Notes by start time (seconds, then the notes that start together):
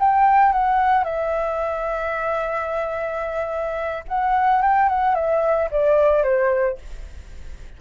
0.00 G5
0.53 F#5
1.04 E5
4.08 F#5
4.62 G5
4.89 F#5
5.15 E5
5.71 D5
6.23 C5